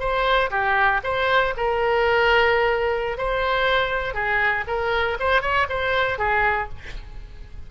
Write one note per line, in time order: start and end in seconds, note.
0.00 0.50 C5
0.51 1.02 G4
1.04 1.55 C5
1.57 3.18 A#4
3.18 4.15 C5
4.15 4.65 G#4
4.68 5.18 A#4
5.20 5.42 C5
5.42 5.67 C#5
5.70 6.19 C5
6.19 6.69 G#4